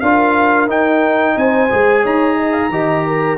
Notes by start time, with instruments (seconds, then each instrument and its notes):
0.00 tuba D4, trombone F4, horn A#4, trumpet F5
0.67 tuba D#4, trombone D#4, trumpet G5
1.35 tuba C4, horn C5, trumpet G#5
1.70 tuba G#3, trombone G#4
2.02 tuba D#4, horn C#5, trumpet A#5
2.37 horn D#5
2.52 horn F5
2.69 tuba D#3, trombone G4, horn D#5
3.07 horn A#4